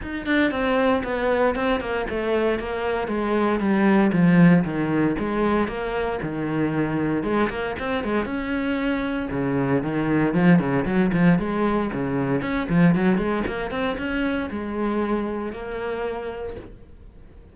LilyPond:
\new Staff \with { instrumentName = "cello" } { \time 4/4 \tempo 4 = 116 dis'8 d'8 c'4 b4 c'8 ais8 | a4 ais4 gis4 g4 | f4 dis4 gis4 ais4 | dis2 gis8 ais8 c'8 gis8 |
cis'2 cis4 dis4 | f8 cis8 fis8 f8 gis4 cis4 | cis'8 f8 fis8 gis8 ais8 c'8 cis'4 | gis2 ais2 | }